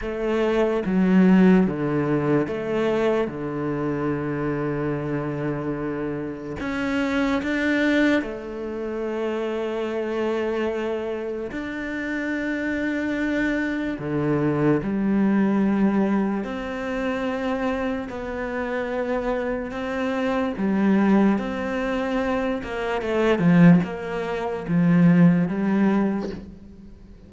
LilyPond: \new Staff \with { instrumentName = "cello" } { \time 4/4 \tempo 4 = 73 a4 fis4 d4 a4 | d1 | cis'4 d'4 a2~ | a2 d'2~ |
d'4 d4 g2 | c'2 b2 | c'4 g4 c'4. ais8 | a8 f8 ais4 f4 g4 | }